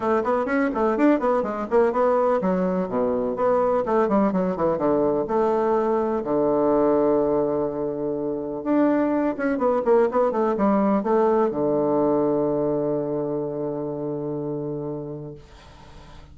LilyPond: \new Staff \with { instrumentName = "bassoon" } { \time 4/4 \tempo 4 = 125 a8 b8 cis'8 a8 d'8 b8 gis8 ais8 | b4 fis4 b,4 b4 | a8 g8 fis8 e8 d4 a4~ | a4 d2.~ |
d2 d'4. cis'8 | b8 ais8 b8 a8 g4 a4 | d1~ | d1 | }